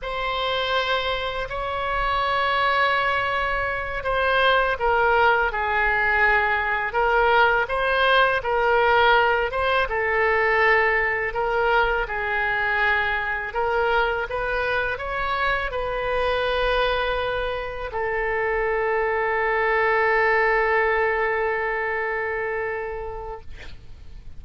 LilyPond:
\new Staff \with { instrumentName = "oboe" } { \time 4/4 \tempo 4 = 82 c''2 cis''2~ | cis''4. c''4 ais'4 gis'8~ | gis'4. ais'4 c''4 ais'8~ | ais'4 c''8 a'2 ais'8~ |
ais'8 gis'2 ais'4 b'8~ | b'8 cis''4 b'2~ b'8~ | b'8 a'2.~ a'8~ | a'1 | }